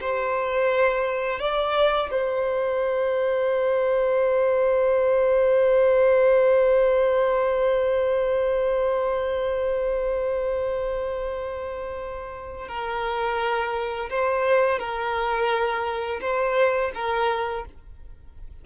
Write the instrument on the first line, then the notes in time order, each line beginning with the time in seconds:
violin
0.00 C5
1.39 D5
2.11 C5
12.68 A#4
14.10 C5
14.79 A#4
16.21 C5
16.94 A#4